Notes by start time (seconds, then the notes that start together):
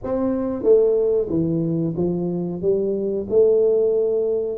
0.03 C4
0.63 A3
1.29 E3
1.96 F3
2.61 G3
3.29 A3